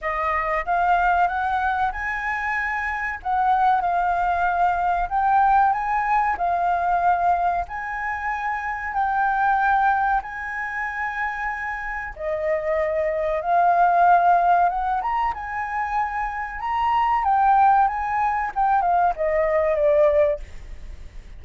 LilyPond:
\new Staff \with { instrumentName = "flute" } { \time 4/4 \tempo 4 = 94 dis''4 f''4 fis''4 gis''4~ | gis''4 fis''4 f''2 | g''4 gis''4 f''2 | gis''2 g''2 |
gis''2. dis''4~ | dis''4 f''2 fis''8 ais''8 | gis''2 ais''4 g''4 | gis''4 g''8 f''8 dis''4 d''4 | }